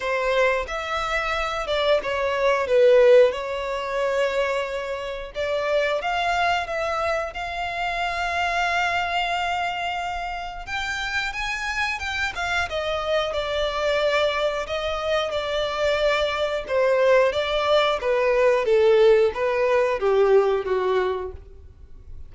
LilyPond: \new Staff \with { instrumentName = "violin" } { \time 4/4 \tempo 4 = 90 c''4 e''4. d''8 cis''4 | b'4 cis''2. | d''4 f''4 e''4 f''4~ | f''1 |
g''4 gis''4 g''8 f''8 dis''4 | d''2 dis''4 d''4~ | d''4 c''4 d''4 b'4 | a'4 b'4 g'4 fis'4 | }